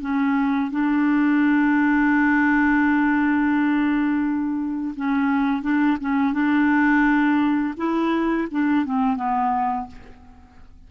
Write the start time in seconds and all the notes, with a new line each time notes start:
0.00 C#4
0.71 D4
4.96 C#4
5.62 D4
6.00 C#4
6.33 D4
7.77 E4
8.51 D4
8.85 C4
9.16 B3